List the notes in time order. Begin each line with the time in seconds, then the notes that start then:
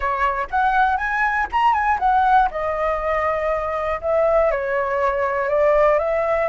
0.00 C#5
0.50 F#5
0.97 G#5
1.52 A#5
1.73 G#5
1.99 F#5
2.50 D#5
4.01 E5
4.51 C#5
5.48 D5
5.98 E5